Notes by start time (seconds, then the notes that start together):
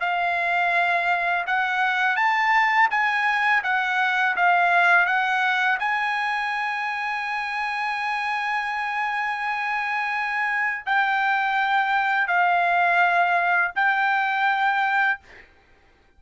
0.00 F5
1.46 F#5
2.16 A5
2.90 G#5
3.63 F#5
4.36 F5
5.06 F#5
5.79 G#5
10.86 G5
12.27 F5
13.75 G5